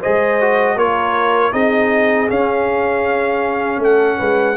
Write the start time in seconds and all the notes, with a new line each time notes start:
0.00 G#4 C5 D#5
0.06 G#3
0.41 F#4
0.76 A#3 F4 A#4 C#5
1.53 C4 D#4 G#4 D#5
2.30 C#4 F5
3.79 A3 A4 F#5
4.19 G#3 B4